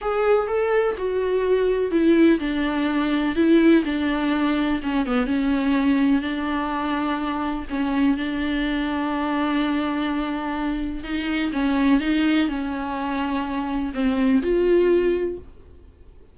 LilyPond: \new Staff \with { instrumentName = "viola" } { \time 4/4 \tempo 4 = 125 gis'4 a'4 fis'2 | e'4 d'2 e'4 | d'2 cis'8 b8 cis'4~ | cis'4 d'2. |
cis'4 d'2.~ | d'2. dis'4 | cis'4 dis'4 cis'2~ | cis'4 c'4 f'2 | }